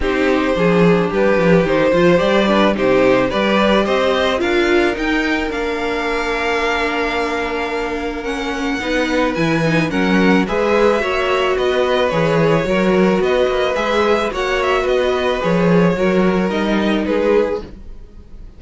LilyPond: <<
  \new Staff \with { instrumentName = "violin" } { \time 4/4 \tempo 4 = 109 c''2 b'4 c''4 | d''4 c''4 d''4 dis''4 | f''4 g''4 f''2~ | f''2. fis''4~ |
fis''4 gis''4 fis''4 e''4~ | e''4 dis''4 cis''2 | dis''4 e''4 fis''8 e''8 dis''4 | cis''2 dis''4 b'4 | }
  \new Staff \with { instrumentName = "violin" } { \time 4/4 g'4 gis'4 g'4. c''8~ | c''8 b'8 g'4 b'4 c''4 | ais'1~ | ais'1 |
b'2 ais'4 b'4 | cis''4 b'2 ais'4 | b'2 cis''4 b'4~ | b'4 ais'2 gis'4 | }
  \new Staff \with { instrumentName = "viola" } { \time 4/4 dis'4 d'2 dis'8 f'8 | g'8 d'8 dis'4 g'2 | f'4 dis'4 d'2~ | d'2. cis'4 |
dis'4 e'8 dis'8 cis'4 gis'4 | fis'2 gis'4 fis'4~ | fis'4 gis'4 fis'2 | gis'4 fis'4 dis'2 | }
  \new Staff \with { instrumentName = "cello" } { \time 4/4 c'4 f4 g8 f8 dis8 f8 | g4 c4 g4 c'4 | d'4 dis'4 ais2~ | ais1 |
b4 e4 fis4 gis4 | ais4 b4 e4 fis4 | b8 ais8 gis4 ais4 b4 | f4 fis4 g4 gis4 | }
>>